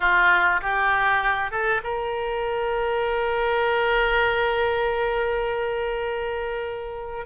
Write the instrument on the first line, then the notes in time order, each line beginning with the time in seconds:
oboe
0.00 F4
0.61 G4
1.51 A4
1.83 A#4